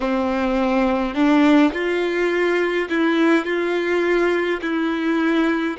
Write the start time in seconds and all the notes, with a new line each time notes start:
0.00 C4
1.14 D4
1.73 F4
2.89 E4
3.45 F4
4.62 E4